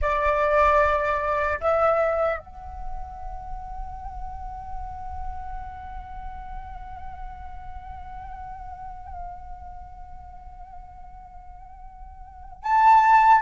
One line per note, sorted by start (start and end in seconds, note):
0.01 1.59 D5
1.60 2.39 E5
2.39 12.63 F#5
12.63 13.41 A5